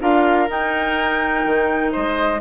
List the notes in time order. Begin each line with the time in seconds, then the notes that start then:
0.00 D4 F4 A#4 F5
0.48 D#4 G5
1.45 D#3
1.92 G#3 C5 D#5